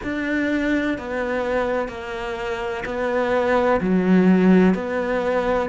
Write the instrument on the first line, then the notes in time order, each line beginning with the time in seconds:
cello
0.03 D4
0.97 B3
1.88 A#3
2.85 B3
3.81 F#3
4.74 B3